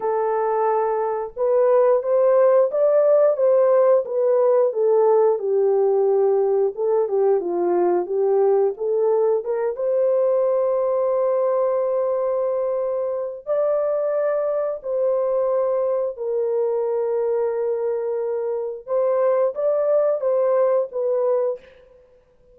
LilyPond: \new Staff \with { instrumentName = "horn" } { \time 4/4 \tempo 4 = 89 a'2 b'4 c''4 | d''4 c''4 b'4 a'4 | g'2 a'8 g'8 f'4 | g'4 a'4 ais'8 c''4.~ |
c''1 | d''2 c''2 | ais'1 | c''4 d''4 c''4 b'4 | }